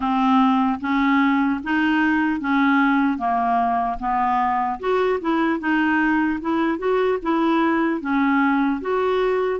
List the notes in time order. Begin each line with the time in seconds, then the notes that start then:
0.00 C4
0.80 C#4
1.63 D#4
2.40 C#4
3.18 A#3
3.99 B3
4.79 F#4
5.20 E4
5.59 D#4
6.40 E4
6.78 F#4
7.22 E4
8.00 C#4
8.81 F#4